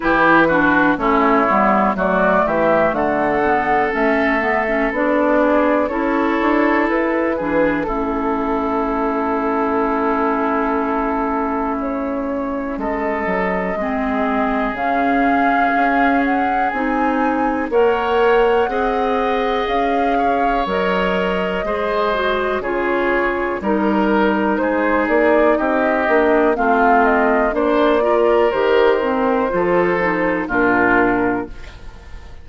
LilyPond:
<<
  \new Staff \with { instrumentName = "flute" } { \time 4/4 \tempo 4 = 61 b'4 cis''4 d''8 e''8 fis''4 | e''4 d''4 cis''4 b'4 | a'1 | cis''4 dis''2 f''4~ |
f''8 fis''8 gis''4 fis''2 | f''4 dis''2 cis''4 | ais'4 c''8 d''8 dis''4 f''8 dis''8 | d''4 c''2 ais'4 | }
  \new Staff \with { instrumentName = "oboe" } { \time 4/4 g'8 fis'8 e'4 fis'8 g'8 a'4~ | a'4. gis'8 a'4. gis'8 | e'1~ | e'4 a'4 gis'2~ |
gis'2 cis''4 dis''4~ | dis''8 cis''4. c''4 gis'4 | ais'4 gis'4 g'4 f'4 | c''8 ais'4. a'4 f'4 | }
  \new Staff \with { instrumentName = "clarinet" } { \time 4/4 e'8 d'8 cis'8 b8 a4. b8 | cis'8 b16 cis'16 d'4 e'4. d'8 | cis'1~ | cis'2 c'4 cis'4~ |
cis'4 dis'4 ais'4 gis'4~ | gis'4 ais'4 gis'8 fis'8 f'4 | dis'2~ dis'8 d'8 c'4 | d'8 f'8 g'8 c'8 f'8 dis'8 d'4 | }
  \new Staff \with { instrumentName = "bassoon" } { \time 4/4 e4 a8 g8 fis8 e8 d4 | a4 b4 cis'8 d'8 e'8 e8 | a1~ | a4 gis8 fis8 gis4 cis4 |
cis'4 c'4 ais4 c'4 | cis'4 fis4 gis4 cis4 | g4 gis8 ais8 c'8 ais8 a4 | ais4 dis4 f4 ais,4 | }
>>